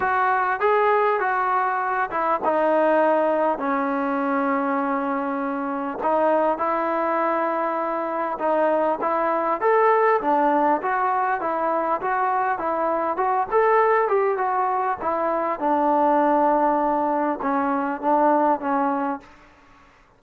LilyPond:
\new Staff \with { instrumentName = "trombone" } { \time 4/4 \tempo 4 = 100 fis'4 gis'4 fis'4. e'8 | dis'2 cis'2~ | cis'2 dis'4 e'4~ | e'2 dis'4 e'4 |
a'4 d'4 fis'4 e'4 | fis'4 e'4 fis'8 a'4 g'8 | fis'4 e'4 d'2~ | d'4 cis'4 d'4 cis'4 | }